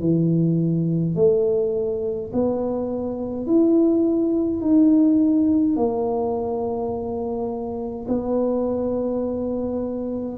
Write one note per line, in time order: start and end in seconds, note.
0.00 1.15 E3
1.16 2.31 A3
2.33 3.47 B3
3.47 4.61 E4
4.61 5.76 D#4
5.76 8.07 A#3
8.09 10.38 B3